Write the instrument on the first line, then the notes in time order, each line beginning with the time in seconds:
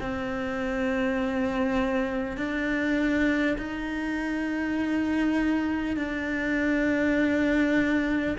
cello
0.00 C4
2.37 D4
3.58 D#4
5.97 D4